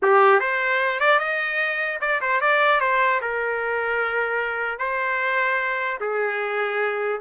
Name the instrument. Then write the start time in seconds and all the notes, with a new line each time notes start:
trumpet
0.02 G4
0.40 C5
1.00 D5
1.19 D#5
2.01 D5
2.21 C5
2.41 D5
2.80 C5
3.21 A#4
4.79 C5
6.00 G#4